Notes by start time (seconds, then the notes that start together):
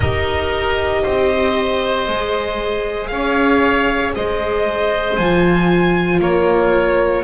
0.00 D#4 G4 A#4 D#5
1.02 C4 C5
2.08 G#3 G#4
3.07 C#4 C#5 F5
4.15 G#3 C5 D#5
5.16 F3 F4 G#5
6.19 A#3 A#4 C#5